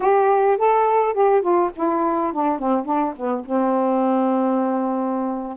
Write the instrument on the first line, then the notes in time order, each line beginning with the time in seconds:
saxophone
0.00 G4
0.57 A4
1.13 G4
1.41 F4
1.75 E4
2.32 D4
2.58 C4
2.85 D4
3.16 B3
3.45 C4